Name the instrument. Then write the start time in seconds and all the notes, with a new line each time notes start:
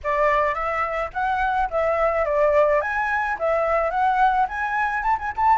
flute
0.03 D5
0.54 E5
1.13 F#5
1.70 E5
2.25 D5
2.81 G#5
3.38 E5
3.90 F#5
4.48 G#5
5.03 A5
5.18 G#5
5.36 A5